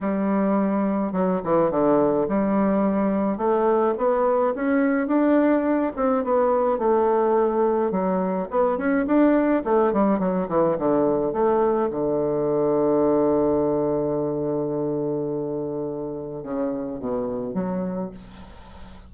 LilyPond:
\new Staff \with { instrumentName = "bassoon" } { \time 4/4 \tempo 4 = 106 g2 fis8 e8 d4 | g2 a4 b4 | cis'4 d'4. c'8 b4 | a2 fis4 b8 cis'8 |
d'4 a8 g8 fis8 e8 d4 | a4 d2.~ | d1~ | d4 cis4 b,4 fis4 | }